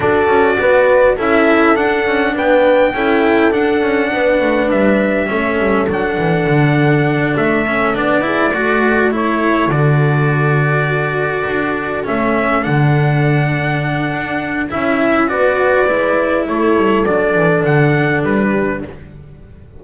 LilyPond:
<<
  \new Staff \with { instrumentName = "trumpet" } { \time 4/4 \tempo 4 = 102 d''2 e''4 fis''4 | g''2 fis''2 | e''2 fis''2~ | fis''8 e''4 d''2 cis''8~ |
cis''8 d''2.~ d''8~ | d''8 e''4 fis''2~ fis''8~ | fis''4 e''4 d''2 | cis''4 d''4 fis''4 b'4 | }
  \new Staff \with { instrumentName = "horn" } { \time 4/4 a'4 b'4 a'2 | b'4 a'2 b'4~ | b'4 a'2.~ | a'2 gis'8 a'4.~ |
a'1~ | a'1~ | a'2 b'2 | a'2.~ a'8 g'8 | }
  \new Staff \with { instrumentName = "cello" } { \time 4/4 fis'2 e'4 d'4~ | d'4 e'4 d'2~ | d'4 cis'4 d'2~ | d'4 cis'8 d'8 e'8 fis'4 e'8~ |
e'8 fis'2.~ fis'8~ | fis'8 cis'4 d'2~ d'8~ | d'4 e'4 fis'4 e'4~ | e'4 d'2. | }
  \new Staff \with { instrumentName = "double bass" } { \time 4/4 d'8 cis'8 b4 cis'4 d'8 cis'8 | b4 cis'4 d'8 cis'8 b8 a8 | g4 a8 g8 fis8 e8 d4~ | d8 a4 b4 a4.~ |
a8 d2. d'8~ | d'8 a4 d2~ d8 | d'4 cis'4 b4 gis4 | a8 g8 fis8 e8 d4 g4 | }
>>